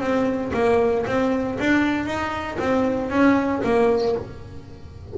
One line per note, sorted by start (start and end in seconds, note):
0.00 0.52 C4
0.53 1.05 A#3
1.06 1.58 C4
1.59 2.05 D4
2.05 2.57 D#4
2.59 3.10 C4
3.10 3.61 C#4
3.64 4.15 A#3